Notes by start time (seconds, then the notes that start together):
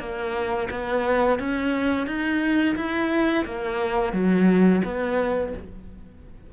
0.00 A#3
0.71 B3
1.39 C#4
2.07 D#4
2.76 E4
3.46 A#3
4.13 F#3
4.85 B3